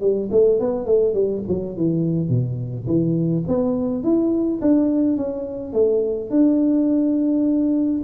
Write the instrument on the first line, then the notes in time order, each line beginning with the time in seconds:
tuba
0.00 G3
0.31 A3
0.59 B3
0.85 A3
1.14 G3
1.48 F#3
1.76 E3
2.29 B2
2.86 E3
3.48 B3
4.03 E4
4.61 D4
5.17 C#4
5.72 A3
6.30 D4